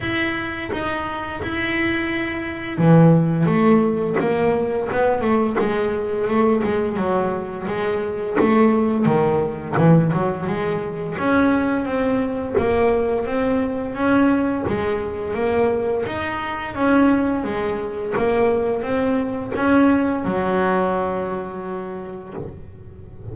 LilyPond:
\new Staff \with { instrumentName = "double bass" } { \time 4/4 \tempo 4 = 86 e'4 dis'4 e'2 | e4 a4 ais4 b8 a8 | gis4 a8 gis8 fis4 gis4 | a4 dis4 e8 fis8 gis4 |
cis'4 c'4 ais4 c'4 | cis'4 gis4 ais4 dis'4 | cis'4 gis4 ais4 c'4 | cis'4 fis2. | }